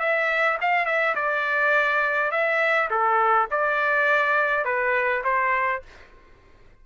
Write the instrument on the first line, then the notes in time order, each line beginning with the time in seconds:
trumpet
0.00 E5
0.61 F5
0.86 E5
1.15 D5
2.31 E5
2.90 A4
3.51 D5
4.65 B4
5.24 C5